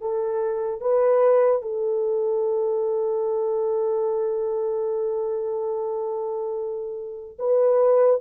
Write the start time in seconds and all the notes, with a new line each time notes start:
0.00 A4
0.80 B4
1.62 A4
7.38 B4